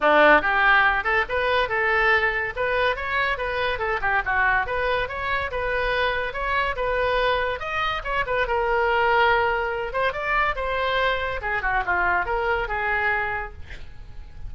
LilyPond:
\new Staff \with { instrumentName = "oboe" } { \time 4/4 \tempo 4 = 142 d'4 g'4. a'8 b'4 | a'2 b'4 cis''4 | b'4 a'8 g'8 fis'4 b'4 | cis''4 b'2 cis''4 |
b'2 dis''4 cis''8 b'8 | ais'2.~ ais'8 c''8 | d''4 c''2 gis'8 fis'8 | f'4 ais'4 gis'2 | }